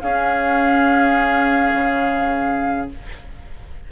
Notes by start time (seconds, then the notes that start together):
0.00 C#4 G#4 F5
1.74 C#3